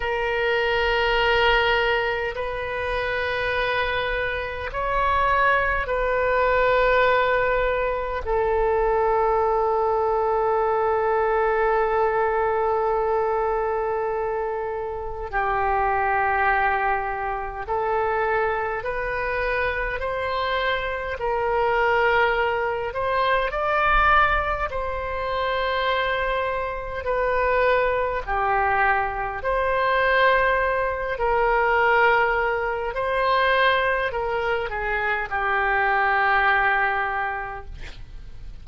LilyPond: \new Staff \with { instrumentName = "oboe" } { \time 4/4 \tempo 4 = 51 ais'2 b'2 | cis''4 b'2 a'4~ | a'1~ | a'4 g'2 a'4 |
b'4 c''4 ais'4. c''8 | d''4 c''2 b'4 | g'4 c''4. ais'4. | c''4 ais'8 gis'8 g'2 | }